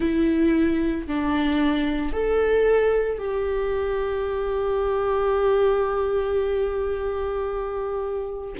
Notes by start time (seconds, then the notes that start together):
0.00 E4
1.07 D4
2.12 A4
3.18 G4